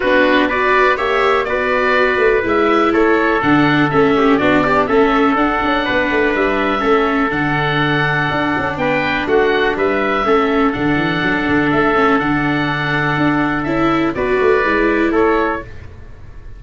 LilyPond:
<<
  \new Staff \with { instrumentName = "oboe" } { \time 4/4 \tempo 4 = 123 b'4 d''4 e''4 d''4~ | d''4 e''4 cis''4 fis''4 | e''4 d''4 e''4 fis''4~ | fis''4 e''2 fis''4~ |
fis''2 g''4 fis''4 | e''2 fis''2 | e''4 fis''2. | e''4 d''2 cis''4 | }
  \new Staff \with { instrumentName = "trumpet" } { \time 4/4 fis'4 b'4 cis''4 b'4~ | b'2 a'2~ | a'8 g'8 fis'8 d'8 a'2 | b'2 a'2~ |
a'2 b'4 fis'4 | b'4 a'2.~ | a'1~ | a'4 b'2 a'4 | }
  \new Staff \with { instrumentName = "viola" } { \time 4/4 d'4 fis'4 g'4 fis'4~ | fis'4 e'2 d'4 | cis'4 d'8 g'8 cis'4 d'4~ | d'2 cis'4 d'4~ |
d'1~ | d'4 cis'4 d'2~ | d'8 cis'8 d'2. | e'4 fis'4 e'2 | }
  \new Staff \with { instrumentName = "tuba" } { \time 4/4 b2 ais4 b4~ | b8 a8 gis4 a4 d4 | a4 b4 a4 d'8 cis'8 | b8 a8 g4 a4 d4~ |
d4 d'8 cis'8 b4 a4 | g4 a4 d8 e8 fis8 d8 | a4 d2 d'4 | cis'4 b8 a8 gis4 a4 | }
>>